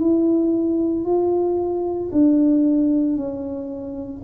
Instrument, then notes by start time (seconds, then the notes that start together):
tuba
0.00 E4
1.05 F4
2.12 D4
3.17 C#4